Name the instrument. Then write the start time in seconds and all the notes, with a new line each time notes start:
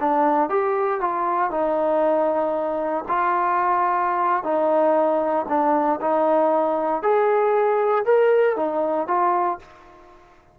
trombone
0.00 D4
0.49 G4
1.00 F4
1.51 D#4
3.08 F4
4.43 D#4
5.48 D4
6.01 D#4
7.02 G#4
8.05 A#4
8.56 D#4
9.07 F4